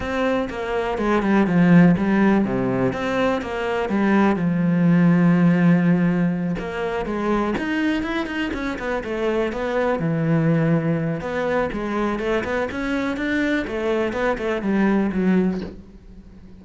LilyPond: \new Staff \with { instrumentName = "cello" } { \time 4/4 \tempo 4 = 123 c'4 ais4 gis8 g8 f4 | g4 c4 c'4 ais4 | g4 f2.~ | f4. ais4 gis4 dis'8~ |
dis'8 e'8 dis'8 cis'8 b8 a4 b8~ | b8 e2~ e8 b4 | gis4 a8 b8 cis'4 d'4 | a4 b8 a8 g4 fis4 | }